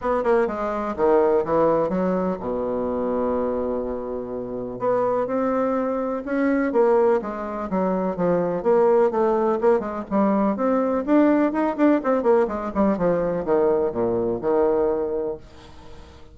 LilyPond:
\new Staff \with { instrumentName = "bassoon" } { \time 4/4 \tempo 4 = 125 b8 ais8 gis4 dis4 e4 | fis4 b,2.~ | b,2 b4 c'4~ | c'4 cis'4 ais4 gis4 |
fis4 f4 ais4 a4 | ais8 gis8 g4 c'4 d'4 | dis'8 d'8 c'8 ais8 gis8 g8 f4 | dis4 ais,4 dis2 | }